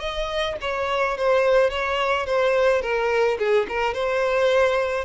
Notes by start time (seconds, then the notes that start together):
0.00 D#5
0.61 C#5
1.17 C5
1.70 C#5
2.26 C5
2.82 A#4
3.39 G#4
3.69 A#4
3.94 C5